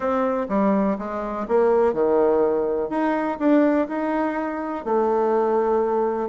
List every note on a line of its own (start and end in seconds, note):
0.00 0.47 C4
0.48 0.97 G3
0.98 1.46 G#3
1.48 1.93 A#3
1.93 2.89 D#3
2.89 3.38 D#4
3.39 3.87 D4
3.88 4.85 D#4
4.85 6.29 A3